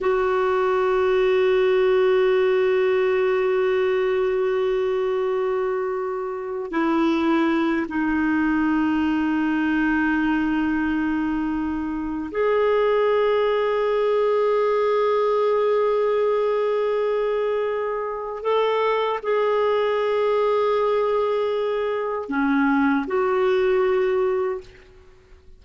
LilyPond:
\new Staff \with { instrumentName = "clarinet" } { \time 4/4 \tempo 4 = 78 fis'1~ | fis'1~ | fis'8. e'4. dis'4.~ dis'16~ | dis'1 |
gis'1~ | gis'1 | a'4 gis'2.~ | gis'4 cis'4 fis'2 | }